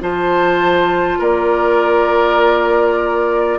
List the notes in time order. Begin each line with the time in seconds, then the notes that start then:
0.00 F3 F4 C5 A5
1.19 A#3 A#4 D5